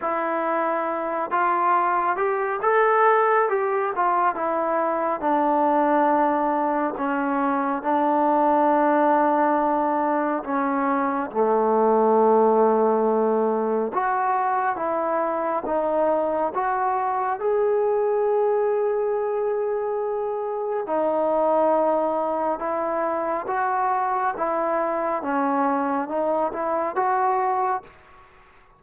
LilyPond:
\new Staff \with { instrumentName = "trombone" } { \time 4/4 \tempo 4 = 69 e'4. f'4 g'8 a'4 | g'8 f'8 e'4 d'2 | cis'4 d'2. | cis'4 a2. |
fis'4 e'4 dis'4 fis'4 | gis'1 | dis'2 e'4 fis'4 | e'4 cis'4 dis'8 e'8 fis'4 | }